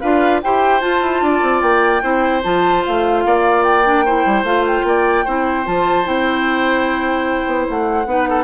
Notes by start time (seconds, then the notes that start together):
0.00 D4 F4 B4 F5
0.43 E4 G4 C5 G5
0.80 F4 A5
1.02 E4
1.21 D4 D5
1.42 C4
1.61 A#3 G5
2.01 C4 E4 C5
2.43 F3 F4 A5
2.85 A3 F5
3.25 A#3 D5
3.63 G5
3.84 D4
4.05 E4 C5
4.25 G3
4.43 A3 F4 F5
4.66 G5
4.83 A#3 D5
5.25 C4 E4 C5
5.64 F3 F4 A5
6.04 C4 E4 G5
7.46 B3
7.69 A3 F#5
8.06 B3 D#4 B4
8.29 A4